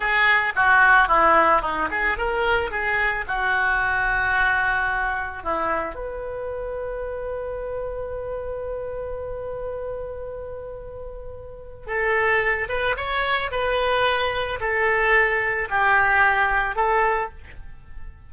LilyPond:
\new Staff \with { instrumentName = "oboe" } { \time 4/4 \tempo 4 = 111 gis'4 fis'4 e'4 dis'8 gis'8 | ais'4 gis'4 fis'2~ | fis'2 e'4 b'4~ | b'1~ |
b'1~ | b'2 a'4. b'8 | cis''4 b'2 a'4~ | a'4 g'2 a'4 | }